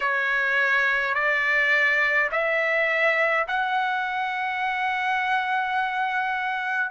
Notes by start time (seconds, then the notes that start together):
0.00 C#5
1.14 D5
2.31 E5
3.47 F#5